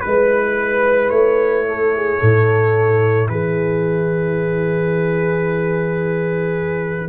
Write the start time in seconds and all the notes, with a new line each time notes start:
0.00 G#3 E4 B4
1.09 A3 C#5
1.68 A4
1.95 G#4
2.19 A2 A4
3.28 E3 G#4 B4